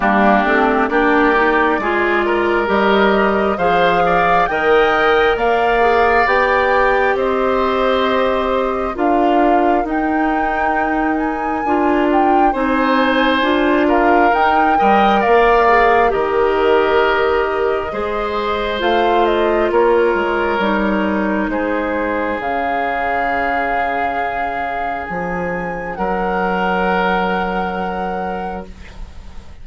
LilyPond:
<<
  \new Staff \with { instrumentName = "flute" } { \time 4/4 \tempo 4 = 67 g'4 d''2 dis''4 | f''4 g''4 f''4 g''4 | dis''2 f''4 g''4~ | g''8 gis''4 g''8 gis''4. f''8 |
g''4 f''4 dis''2~ | dis''4 f''8 dis''8 cis''2 | c''4 f''2. | gis''4 fis''2. | }
  \new Staff \with { instrumentName = "oboe" } { \time 4/4 d'4 g'4 gis'8 ais'4. | c''8 d''8 dis''4 d''2 | c''2 ais'2~ | ais'2 c''4. ais'8~ |
ais'8 dis''8 d''4 ais'2 | c''2 ais'2 | gis'1~ | gis'4 ais'2. | }
  \new Staff \with { instrumentName = "clarinet" } { \time 4/4 ais8 c'8 d'8 dis'8 f'4 g'4 | gis'4 ais'4. gis'8 g'4~ | g'2 f'4 dis'4~ | dis'4 f'4 dis'4 f'4 |
dis'8 ais'4 gis'8 g'2 | gis'4 f'2 dis'4~ | dis'4 cis'2.~ | cis'1 | }
  \new Staff \with { instrumentName = "bassoon" } { \time 4/4 g8 a8 ais4 gis4 g4 | f4 dis4 ais4 b4 | c'2 d'4 dis'4~ | dis'4 d'4 c'4 d'4 |
dis'8 g8 ais4 dis2 | gis4 a4 ais8 gis8 g4 | gis4 cis2. | f4 fis2. | }
>>